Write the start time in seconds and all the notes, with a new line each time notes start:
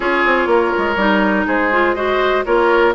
0.00 C#4 F4 G#4 C#5
0.25 C4
0.46 A#3 A#4
0.77 G#3
0.96 G3 D#4
1.46 G#3 G#4 C5
1.71 F4
1.94 F#4 C5 D#5
2.45 A#3 F4 A#4 C#5